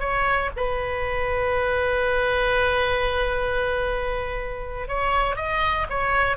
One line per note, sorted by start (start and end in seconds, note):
0.00 0.51 C#5
0.57 4.88 B4
4.88 5.36 C#5
5.36 5.87 D#5
5.90 6.37 C#5